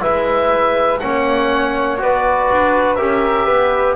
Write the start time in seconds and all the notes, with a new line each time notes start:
0.00 G#3 E4 B4 E5
0.99 A#3 C#4 C#5 F#5
1.98 B3 F#4 B4 D5
2.51 D4
2.94 C#4 G4 A#4 E5
3.45 B3 B4